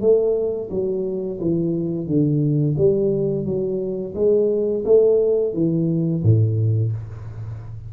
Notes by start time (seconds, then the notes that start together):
0.00 A3
0.70 F#3
1.40 E3
2.06 D3
2.77 G3
3.45 F#3
4.14 G#3
4.85 A3
5.53 E3
6.23 A2